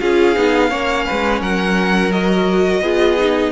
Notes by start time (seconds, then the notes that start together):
0.00 C#4 F4 G#4 F5
0.35 B3 D#4
0.69 A#3 C#4 C#5
1.05 G#3 B4
1.40 F#3 A#4 F#5
2.11 F#4 D#5
2.81 B3 F4 G#4
3.18 D#4